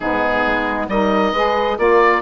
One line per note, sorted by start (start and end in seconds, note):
0.00 0.45 G#2
0.00 0.90 B3
0.00 0.89 D#4
0.00 0.86 G#4
0.46 0.88 G#3
0.88 1.32 G3
0.88 1.35 D#4
0.88 1.33 A#4
0.88 1.78 D#5
1.32 1.77 G#3
1.32 1.77 G#4
1.32 1.77 B4
1.77 2.21 A#3
1.77 2.21 F4
1.77 2.21 A#4
1.77 2.21 D5